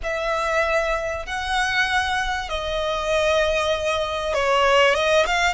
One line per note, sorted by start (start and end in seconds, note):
0.03 1.26 E5
1.26 2.49 F#5
2.49 4.34 D#5
4.34 4.94 C#5
4.94 5.25 D#5
5.26 5.54 F5